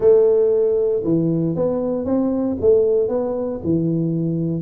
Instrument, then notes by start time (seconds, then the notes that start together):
tuba
0.00 A3
1.03 E3
1.55 B3
2.05 C4
2.61 A3
3.08 B3
3.63 E3